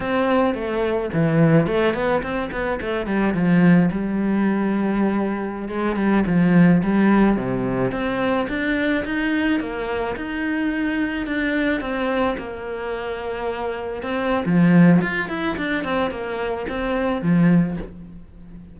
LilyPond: \new Staff \with { instrumentName = "cello" } { \time 4/4 \tempo 4 = 108 c'4 a4 e4 a8 b8 | c'8 b8 a8 g8 f4 g4~ | g2~ g16 gis8 g8 f8.~ | f16 g4 c4 c'4 d'8.~ |
d'16 dis'4 ais4 dis'4.~ dis'16~ | dis'16 d'4 c'4 ais4.~ ais16~ | ais4~ ais16 c'8. f4 f'8 e'8 | d'8 c'8 ais4 c'4 f4 | }